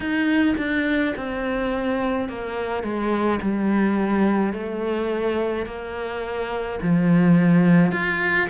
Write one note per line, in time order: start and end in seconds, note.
0.00 0.55 D#4
0.57 1.14 D4
1.16 2.28 C4
2.28 2.83 A#3
2.83 3.40 G#3
3.41 4.53 G3
4.53 5.66 A3
5.66 6.79 A#3
6.82 7.91 F3
7.91 8.48 F4